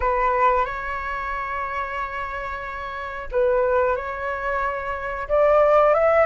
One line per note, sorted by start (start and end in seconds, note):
0.00 0.65 B4
0.65 3.28 C#5
3.31 3.96 B4
3.96 5.27 C#5
5.28 5.93 D5
5.93 6.25 E5